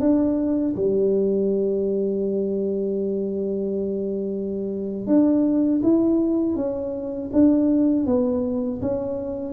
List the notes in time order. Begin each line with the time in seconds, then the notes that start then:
0.00 D4
0.76 G3
5.07 D4
5.83 E4
6.56 C#4
7.33 D4
8.06 B3
8.82 C#4